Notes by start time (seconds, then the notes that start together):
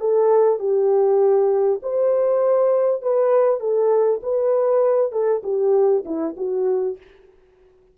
0.00 A4
0.59 G4
1.83 C5
3.02 B4
3.60 A4
4.23 B4
5.12 A4
5.43 G4
6.05 E4
6.37 F#4